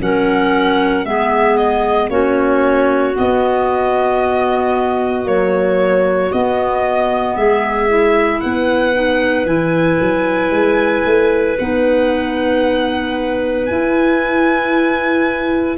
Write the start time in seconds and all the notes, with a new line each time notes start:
0.00 F#3 C#4 A#4 F#5
1.04 G#3 B3 G#4 E5
1.57 D#5
2.09 A#3 C#4 F#4 C#5
3.13 B3 D#5
5.24 F#3 A#3 C#5
6.32 B3 D#5
7.36 G#3 G#4 E5
7.89 E4
8.40 B3 B4 F#5
8.93 D#4
9.45 E3 E4 G#5
10.00 F#3
10.50 G#3
11.05 A3
11.59 B3 D#4 F#5
13.66 E4 G#5